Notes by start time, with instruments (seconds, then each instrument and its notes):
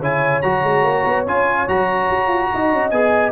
0.00 tuba C#3, trombone E4, horn C#5, trumpet G#5
0.42 tuba F#3, trombone F#4, trumpet A#5
0.64 tuba G#3
0.84 tuba A#3
1.05 tuba B3
1.26 tuba C#4, trombone F4, trumpet G#5
1.68 tuba F#3, trombone F#4, trumpet A#5
2.10 tuba F#4
2.27 tuba F4
2.53 tuba D#4, horn D#5
2.72 tuba C#4
2.91 tuba B3, trombone G#4, trumpet G#5